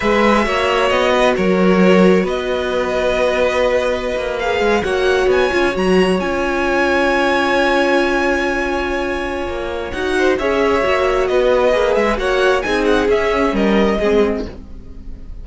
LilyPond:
<<
  \new Staff \with { instrumentName = "violin" } { \time 4/4 \tempo 4 = 133 e''2 dis''4 cis''4~ | cis''4 dis''2.~ | dis''4.~ dis''16 f''4 fis''4 gis''16~ | gis''8. ais''4 gis''2~ gis''16~ |
gis''1~ | gis''2 fis''4 e''4~ | e''4 dis''4. e''8 fis''4 | gis''8 fis''8 e''4 dis''2 | }
  \new Staff \with { instrumentName = "violin" } { \time 4/4 b'4 cis''4. b'8 ais'4~ | ais'4 b'2.~ | b'2~ b'8. cis''4~ cis''16~ | cis''1~ |
cis''1~ | cis''2~ cis''8 c''8 cis''4~ | cis''4 b'2 cis''4 | gis'2 ais'4 gis'4 | }
  \new Staff \with { instrumentName = "viola" } { \time 4/4 gis'4 fis'2.~ | fis'1~ | fis'4.~ fis'16 gis'4 fis'4~ fis'16~ | fis'16 f'8 fis'4 f'2~ f'16~ |
f'1~ | f'2 fis'4 gis'4 | fis'2 gis'4 fis'4 | dis'4 cis'2 c'4 | }
  \new Staff \with { instrumentName = "cello" } { \time 4/4 gis4 ais4 b4 fis4~ | fis4 b2.~ | b4~ b16 ais4 gis8 ais4 b16~ | b16 cis'8 fis4 cis'2~ cis'16~ |
cis'1~ | cis'4 ais4 dis'4 cis'4 | ais4 b4 ais8 gis8 ais4 | c'4 cis'4 g4 gis4 | }
>>